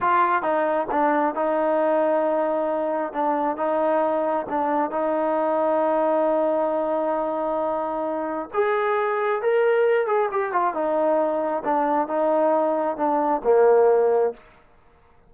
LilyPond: \new Staff \with { instrumentName = "trombone" } { \time 4/4 \tempo 4 = 134 f'4 dis'4 d'4 dis'4~ | dis'2. d'4 | dis'2 d'4 dis'4~ | dis'1~ |
dis'2. gis'4~ | gis'4 ais'4. gis'8 g'8 f'8 | dis'2 d'4 dis'4~ | dis'4 d'4 ais2 | }